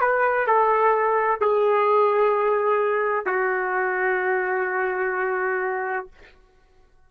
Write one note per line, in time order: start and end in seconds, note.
0.00 0.46 B4
0.46 1.40 A4
1.40 3.25 G#4
3.25 6.06 F#4